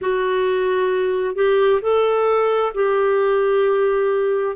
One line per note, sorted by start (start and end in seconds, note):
0.01 1.35 F#4
1.35 1.80 G4
1.81 2.72 A4
2.74 4.55 G4